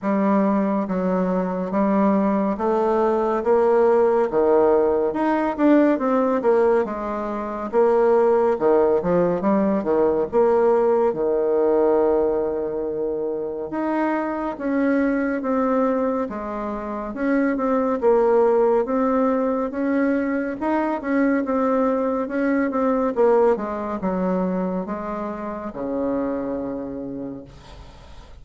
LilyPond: \new Staff \with { instrumentName = "bassoon" } { \time 4/4 \tempo 4 = 70 g4 fis4 g4 a4 | ais4 dis4 dis'8 d'8 c'8 ais8 | gis4 ais4 dis8 f8 g8 dis8 | ais4 dis2. |
dis'4 cis'4 c'4 gis4 | cis'8 c'8 ais4 c'4 cis'4 | dis'8 cis'8 c'4 cis'8 c'8 ais8 gis8 | fis4 gis4 cis2 | }